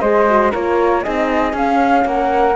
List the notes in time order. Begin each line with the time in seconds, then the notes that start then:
0.00 G#3 G#4 C5 D#5
0.28 F#4
0.51 A#3 F4 A#4 C#5
1.03 C4 D#4 G#4 D#5
1.53 C#4 F5
2.05 A#3 A#4 F#5